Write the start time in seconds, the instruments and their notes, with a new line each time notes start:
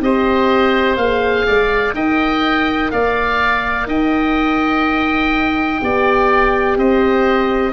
0.00 tuba C4, horn G4, oboe C5 D#5
0.96 tuba A#3, horn G#4, oboe F5
1.46 tuba G#3, oboe D5
1.94 tuba D#4, horn A#4, oboe D#5 G5
2.91 tuba A#3, oboe D5 F5
3.86 tuba D#4, oboe D#5 G5
5.81 tuba B3, horn G4, oboe D5
6.77 tuba C4, oboe C5 D#5